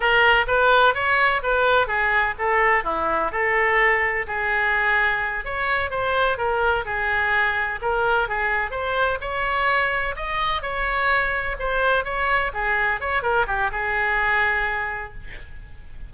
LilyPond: \new Staff \with { instrumentName = "oboe" } { \time 4/4 \tempo 4 = 127 ais'4 b'4 cis''4 b'4 | gis'4 a'4 e'4 a'4~ | a'4 gis'2~ gis'8 cis''8~ | cis''8 c''4 ais'4 gis'4.~ |
gis'8 ais'4 gis'4 c''4 cis''8~ | cis''4. dis''4 cis''4.~ | cis''8 c''4 cis''4 gis'4 cis''8 | ais'8 g'8 gis'2. | }